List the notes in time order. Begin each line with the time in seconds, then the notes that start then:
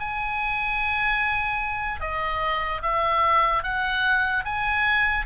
0.00 G#5
2.01 D#5
2.82 E5
3.64 F#5
4.45 G#5